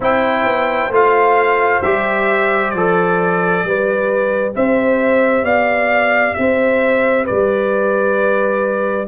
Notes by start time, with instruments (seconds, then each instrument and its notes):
0.00 tuba C4, trombone E4, horn C5, trumpet G5
0.44 tuba B3
0.89 tuba A3, trombone F4, trumpet F5
1.82 tuba G3, trombone G4, trumpet E5
2.70 tuba F3, trombone A4, trumpet D5
3.63 tuba G3, trombone G4, horn B4
4.55 tuba C4, horn C5, trumpet E5
5.43 tuba B3, horn D5, trumpet F5
6.34 tuba C4, horn C5, trumpet E5
7.24 horn B4, trumpet D5
7.30 tuba G3